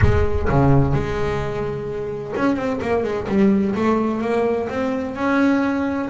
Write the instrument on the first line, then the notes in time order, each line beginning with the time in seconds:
double bass
0.01 G#3
0.49 C#3
0.93 G#3
2.36 C#4
2.56 C4
2.81 A#3
3.03 G#3
3.28 G3
3.75 A3
4.21 A#3
4.69 C4
5.15 C#4